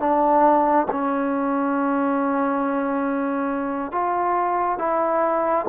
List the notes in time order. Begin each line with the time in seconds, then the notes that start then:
0.00 D4
0.92 C#4
3.92 F4
4.79 E4